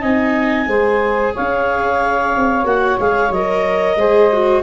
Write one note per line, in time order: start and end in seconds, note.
0.00 0.67 C4
0.00 0.67 D#4
0.00 0.66 D#5
0.00 1.34 G#5
0.67 1.33 G#3
0.67 2.65 G#4
0.67 1.33 C5
1.33 2.36 C#4
1.33 3.97 C#5
1.33 2.65 F5
2.36 2.64 C4
2.64 2.97 A#3
2.64 2.98 F#4
2.64 2.98 F#5
2.99 3.30 G#3
2.99 3.33 G#4
2.99 3.32 F5
3.30 3.95 F#3
3.30 3.99 A#4
3.30 4.62 D#5
3.95 4.61 G#3
3.95 4.32 G#4
3.95 4.62 C5
4.32 4.62 F#4